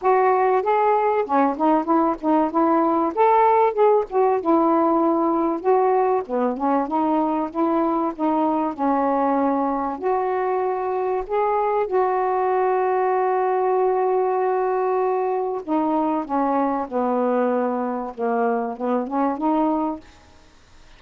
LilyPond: \new Staff \with { instrumentName = "saxophone" } { \time 4/4 \tempo 4 = 96 fis'4 gis'4 cis'8 dis'8 e'8 dis'8 | e'4 a'4 gis'8 fis'8 e'4~ | e'4 fis'4 b8 cis'8 dis'4 | e'4 dis'4 cis'2 |
fis'2 gis'4 fis'4~ | fis'1~ | fis'4 dis'4 cis'4 b4~ | b4 ais4 b8 cis'8 dis'4 | }